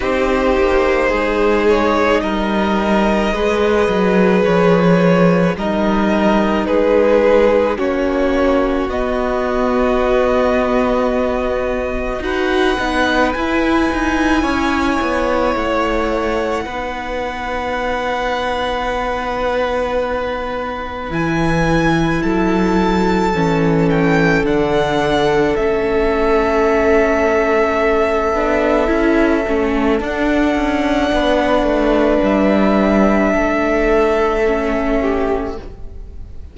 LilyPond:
<<
  \new Staff \with { instrumentName = "violin" } { \time 4/4 \tempo 4 = 54 c''4. cis''8 dis''2 | cis''4 dis''4 b'4 cis''4 | dis''2. fis''4 | gis''2 fis''2~ |
fis''2. gis''4 | a''4. g''8 fis''4 e''4~ | e''2. fis''4~ | fis''4 e''2. | }
  \new Staff \with { instrumentName = "violin" } { \time 4/4 g'4 gis'4 ais'4 b'4~ | b'4 ais'4 gis'4 fis'4~ | fis'2. b'4~ | b'4 cis''2 b'4~ |
b'1 | a'1~ | a'1 | b'2 a'4. g'8 | }
  \new Staff \with { instrumentName = "viola" } { \time 4/4 dis'2. gis'4~ | gis'4 dis'2 cis'4 | b2. fis'8 dis'8 | e'2. dis'4~ |
dis'2. e'4~ | e'4 cis'4 d'4 cis'4~ | cis'4. d'8 e'8 cis'8 d'4~ | d'2. cis'4 | }
  \new Staff \with { instrumentName = "cello" } { \time 4/4 c'8 ais8 gis4 g4 gis8 fis8 | f4 g4 gis4 ais4 | b2. dis'8 b8 | e'8 dis'8 cis'8 b8 a4 b4~ |
b2. e4 | fis4 e4 d4 a4~ | a4. b8 cis'8 a8 d'8 cis'8 | b8 a8 g4 a2 | }
>>